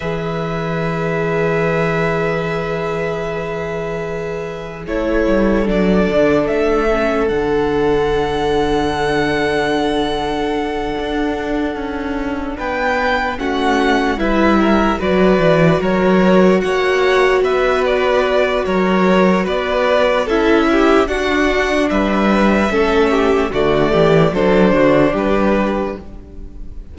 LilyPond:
<<
  \new Staff \with { instrumentName = "violin" } { \time 4/4 \tempo 4 = 74 e''1~ | e''2 cis''4 d''4 | e''4 fis''2.~ | fis''2.~ fis''8 g''8~ |
g''8 fis''4 e''4 d''4 cis''8~ | cis''8 fis''4 e''8 d''4 cis''4 | d''4 e''4 fis''4 e''4~ | e''4 d''4 c''4 b'4 | }
  \new Staff \with { instrumentName = "violin" } { \time 4/4 b'1~ | b'2 a'2~ | a'1~ | a'2.~ a'8 b'8~ |
b'8 fis'4 b'8 ais'8 b'4 ais'8~ | ais'8 cis''4 b'4. ais'4 | b'4 a'8 g'8 fis'4 b'4 | a'8 g'8 fis'8 g'8 a'8 fis'8 g'4 | }
  \new Staff \with { instrumentName = "viola" } { \time 4/4 gis'1~ | gis'2 e'4 d'4~ | d'8 cis'8 d'2.~ | d'1~ |
d'8 cis'4 e'4 fis'4.~ | fis'1~ | fis'4 e'4 d'2 | cis'4 a4 d'2 | }
  \new Staff \with { instrumentName = "cello" } { \time 4/4 e1~ | e2 a8 g8 fis8 d8 | a4 d2.~ | d4. d'4 cis'4 b8~ |
b8 a4 g4 fis8 e8 fis8~ | fis8 ais4 b4. fis4 | b4 cis'4 d'4 g4 | a4 d8 e8 fis8 d8 g4 | }
>>